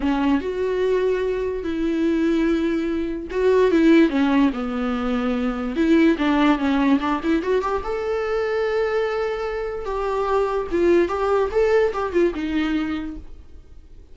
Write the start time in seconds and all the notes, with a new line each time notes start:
0.00 C#4
0.41 F#4
1.63 E4
3.30 F#4
3.71 E4
4.09 C#4
4.53 B3
5.75 E4
6.18 D4
6.58 C#4
7.00 D4
7.23 E4
7.42 F#4
7.61 G4
7.84 A4
9.85 G4
10.71 F4
11.08 G4
11.51 A4
11.93 G4
12.12 F4
12.34 D#4